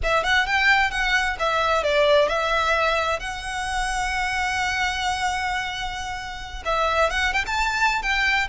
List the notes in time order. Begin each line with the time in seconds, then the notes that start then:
0.03 E5
0.23 F#5
0.46 G5
0.91 F#5
1.39 E5
1.83 D5
2.28 E5
3.19 F#5
6.65 E5
7.10 F#5
7.33 G5
7.46 A5
8.02 G5